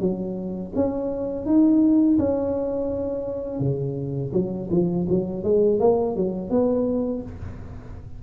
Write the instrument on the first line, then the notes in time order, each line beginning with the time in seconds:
tuba
0.00 F#3
0.75 C#4
1.46 D#4
2.19 C#4
3.59 C#3
4.33 F#3
4.71 F3
5.09 F#3
5.43 G#3
5.80 A#3
6.16 F#3
6.50 B3